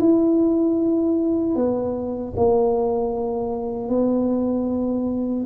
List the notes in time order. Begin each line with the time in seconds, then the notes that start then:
0.00 E4
1.56 B3
2.37 A#3
3.89 B3